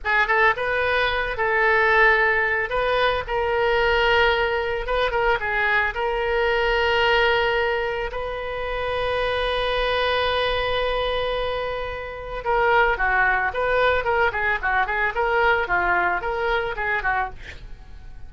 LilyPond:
\new Staff \with { instrumentName = "oboe" } { \time 4/4 \tempo 4 = 111 gis'8 a'8 b'4. a'4.~ | a'4 b'4 ais'2~ | ais'4 b'8 ais'8 gis'4 ais'4~ | ais'2. b'4~ |
b'1~ | b'2. ais'4 | fis'4 b'4 ais'8 gis'8 fis'8 gis'8 | ais'4 f'4 ais'4 gis'8 fis'8 | }